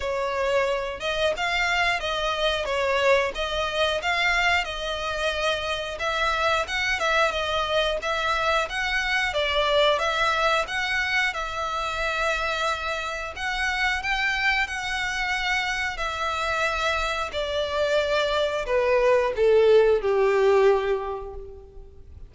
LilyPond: \new Staff \with { instrumentName = "violin" } { \time 4/4 \tempo 4 = 90 cis''4. dis''8 f''4 dis''4 | cis''4 dis''4 f''4 dis''4~ | dis''4 e''4 fis''8 e''8 dis''4 | e''4 fis''4 d''4 e''4 |
fis''4 e''2. | fis''4 g''4 fis''2 | e''2 d''2 | b'4 a'4 g'2 | }